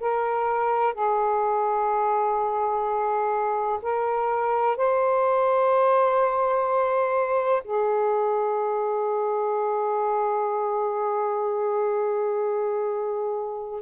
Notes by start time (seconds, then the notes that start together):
0.00 A#4
0.94 G#4
3.82 A#4
4.77 C5
7.64 G#4